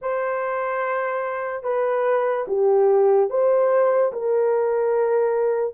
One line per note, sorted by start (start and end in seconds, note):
0.01 1.63 C5
1.63 2.45 B4
2.47 3.30 G4
3.30 4.12 C5
4.12 5.74 A#4